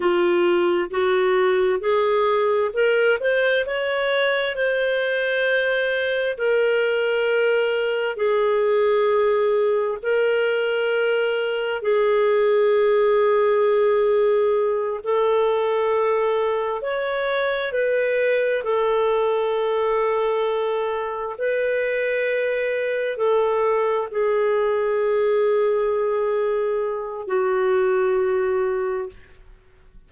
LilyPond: \new Staff \with { instrumentName = "clarinet" } { \time 4/4 \tempo 4 = 66 f'4 fis'4 gis'4 ais'8 c''8 | cis''4 c''2 ais'4~ | ais'4 gis'2 ais'4~ | ais'4 gis'2.~ |
gis'8 a'2 cis''4 b'8~ | b'8 a'2. b'8~ | b'4. a'4 gis'4.~ | gis'2 fis'2 | }